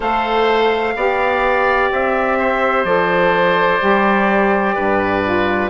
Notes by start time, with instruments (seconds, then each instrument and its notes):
0.00 bassoon A3, saxophone A4, oboe C5, trumpet F5
0.95 bassoon B3, saxophone G4, oboe D5
1.91 bassoon C4, trumpet E5
2.38 oboe C5
2.84 bassoon F3, saxophone A4, trumpet D5
3.79 bassoon G3, saxophone G4
4.75 bassoon G2, oboe B4
5.23 saxophone F4